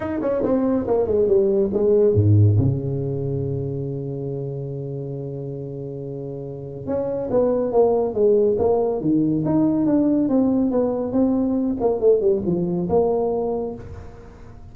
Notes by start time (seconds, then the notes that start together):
0.00 D#4
0.21 C#4
0.43 C4
0.87 A#3
1.06 G#3
1.27 G3
1.73 G#3
2.14 G#2
2.58 C#3
6.86 C#4
7.30 B3
7.71 A#3
8.14 G#3
8.58 A#3
9.00 D#3
9.45 D#4
9.86 D4
10.28 C4
10.71 B3
11.12 C4
11.80 A#3
12.00 A3
12.20 G3
12.45 F3
12.89 A#3